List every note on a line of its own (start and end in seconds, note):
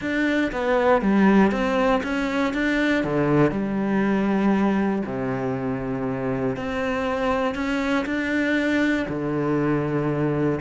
0.01 0.51 D4
0.52 1.01 B3
1.01 1.51 G3
1.51 2.02 C4
2.03 2.53 C#4
2.53 3.04 D4
3.04 3.51 D3
3.51 5.02 G3
5.05 6.56 C3
6.56 7.54 C4
7.54 8.05 C#4
8.05 9.06 D4
9.08 10.60 D3